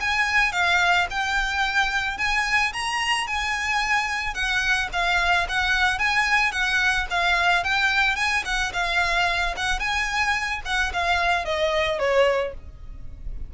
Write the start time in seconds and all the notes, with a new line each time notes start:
0.00 G#5
0.52 F5
1.10 G5
2.18 G#5
2.73 A#5
3.27 G#5
4.34 F#5
4.93 F5
5.48 F#5
5.99 G#5
6.52 F#5
7.10 F5
7.64 G5
8.16 G#5
8.45 F#5
8.73 F5
9.57 F#5
9.79 G#5
10.65 F#5
10.93 F5
11.45 D#5
11.99 C#5